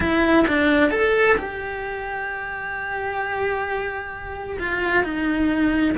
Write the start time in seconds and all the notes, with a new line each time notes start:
0.00 E4
0.47 D4
0.91 A4
1.37 G4
4.59 F4
5.03 D#4